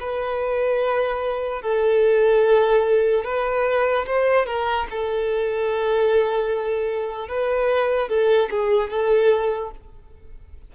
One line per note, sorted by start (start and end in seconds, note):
0.00 1.62 B4
1.62 3.24 A4
3.24 4.05 B4
4.06 4.46 C5
4.46 4.86 A#4
4.91 7.28 A4
7.28 8.09 B4
8.09 8.49 A4
8.50 8.90 G#4
8.90 9.71 A4